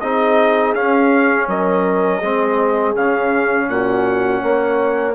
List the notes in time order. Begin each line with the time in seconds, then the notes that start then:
0.00 C4 D#4 G#4 D#5
0.75 C#4 F5
1.48 F#3 A#4 D#5
2.19 G#3 C4 G#4
2.95 C#3 C#4 F5
3.68 A#2 F#4 F#5
4.42 A#3 C#5